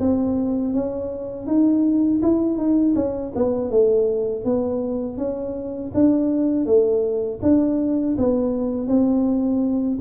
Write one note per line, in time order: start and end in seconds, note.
0.00 0.74 C4
0.74 1.47 C#4
1.47 2.21 D#4
2.23 2.57 E4
2.57 2.94 D#4
2.96 3.33 C#4
3.36 3.71 B3
3.71 4.45 A3
4.45 5.18 B3
5.18 5.92 C#4
5.95 6.66 D4
6.66 7.40 A3
7.42 8.16 D4
8.18 8.88 B3
8.88 9.99 C4